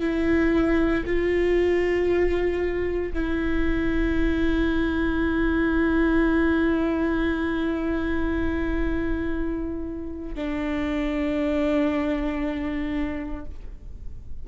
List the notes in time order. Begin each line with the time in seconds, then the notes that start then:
0.00 E4
1.06 F4
3.13 E4
10.35 D4